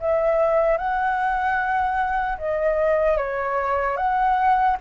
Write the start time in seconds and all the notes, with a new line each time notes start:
0.00 E5
0.78 F#5
2.38 D#5
3.17 C#5
3.97 F#5